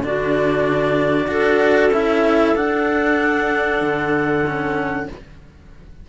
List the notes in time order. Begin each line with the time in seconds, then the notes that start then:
0.00 D3 D4 D5
0.06 F#4
1.27 D4 F#4 A4
1.90 C#4 E4 E5
2.56 D4 F#5
3.81 D3
4.45 C#4